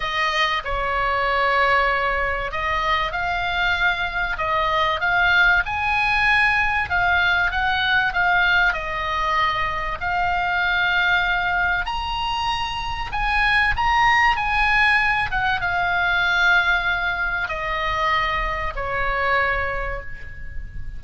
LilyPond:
\new Staff \with { instrumentName = "oboe" } { \time 4/4 \tempo 4 = 96 dis''4 cis''2. | dis''4 f''2 dis''4 | f''4 gis''2 f''4 | fis''4 f''4 dis''2 |
f''2. ais''4~ | ais''4 gis''4 ais''4 gis''4~ | gis''8 fis''8 f''2. | dis''2 cis''2 | }